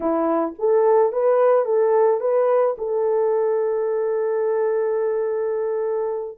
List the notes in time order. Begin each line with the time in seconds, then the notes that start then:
0.00 E4
0.58 A4
1.12 B4
1.65 A4
2.20 B4
2.78 A4